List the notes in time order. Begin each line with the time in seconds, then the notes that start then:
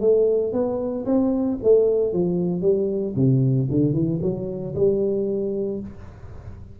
0.00 A3
0.52 B3
1.05 C4
1.63 A3
2.12 F3
2.61 G3
3.16 C3
3.70 D3
3.93 E3
4.22 F#3
4.74 G3